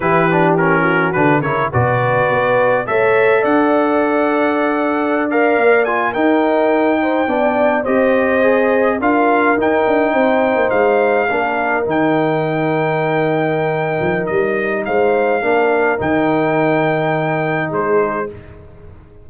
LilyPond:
<<
  \new Staff \with { instrumentName = "trumpet" } { \time 4/4 \tempo 4 = 105 b'4 ais'4 b'8 cis''8 d''4~ | d''4 e''4 fis''2~ | fis''4~ fis''16 f''4 gis''8 g''4~ g''16~ | g''4.~ g''16 dis''2 f''16~ |
f''8. g''2 f''4~ f''16~ | f''8. g''2.~ g''16~ | g''4 dis''4 f''2 | g''2. c''4 | }
  \new Staff \with { instrumentName = "horn" } { \time 4/4 g'4. fis'4 ais'8 b'4~ | b'4 cis''4 d''2~ | d''2~ d''8. ais'4~ ais'16~ | ais'16 c''8 d''4 c''2 ais'16~ |
ais'4.~ ais'16 c''2 ais'16~ | ais'1~ | ais'2 c''4 ais'4~ | ais'2. gis'4 | }
  \new Staff \with { instrumentName = "trombone" } { \time 4/4 e'8 d'8 cis'4 d'8 e'8 fis'4~ | fis'4 a'2.~ | a'4~ a'16 ais'4 f'8 dis'4~ dis'16~ | dis'8. d'4 g'4 gis'4 f'16~ |
f'8. dis'2. d'16~ | d'8. dis'2.~ dis'16~ | dis'2. d'4 | dis'1 | }
  \new Staff \with { instrumentName = "tuba" } { \time 4/4 e2 d8 cis8 b,4 | b4 a4 d'2~ | d'4.~ d'16 ais4 dis'4~ dis'16~ | dis'8. b4 c'2 d'16~ |
d'8. dis'8 d'8 c'8. ais16 gis4 ais16~ | ais8. dis2.~ dis16~ | dis8 f8 g4 gis4 ais4 | dis2. gis4 | }
>>